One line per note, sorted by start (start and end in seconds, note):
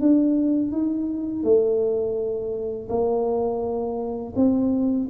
0.00 0.72 D4
0.72 1.44 D#4
1.44 2.88 A3
2.89 4.33 A#3
4.36 5.08 C4